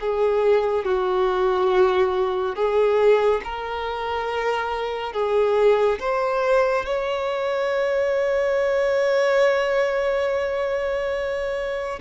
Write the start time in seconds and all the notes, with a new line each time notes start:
0.00 G#4
0.85 F#4
2.55 G#4
3.44 A#4
5.13 G#4
5.99 C5
6.85 C#5